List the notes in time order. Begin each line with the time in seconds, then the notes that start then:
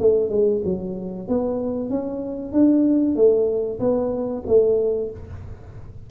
0.00 A3
0.30 G#3
0.65 F#3
1.29 B3
1.90 C#4
2.53 D4
3.16 A3
3.80 B3
4.47 A3